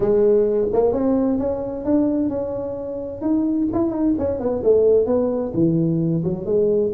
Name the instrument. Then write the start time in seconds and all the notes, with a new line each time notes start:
tuba
0.00 G#3
0.72 A#3
0.92 C4
1.38 C#4
1.85 D4
2.29 C#4
3.21 D#4
3.72 E4
3.91 D#4
4.18 C#4
4.39 B3
4.63 A3
5.06 B3
5.53 E3
6.23 F#3
6.45 G#3